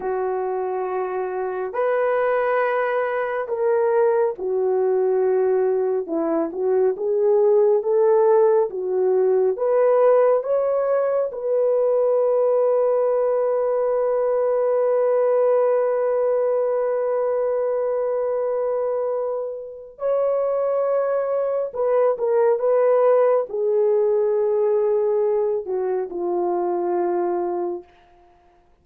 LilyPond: \new Staff \with { instrumentName = "horn" } { \time 4/4 \tempo 4 = 69 fis'2 b'2 | ais'4 fis'2 e'8 fis'8 | gis'4 a'4 fis'4 b'4 | cis''4 b'2.~ |
b'1~ | b'2. cis''4~ | cis''4 b'8 ais'8 b'4 gis'4~ | gis'4. fis'8 f'2 | }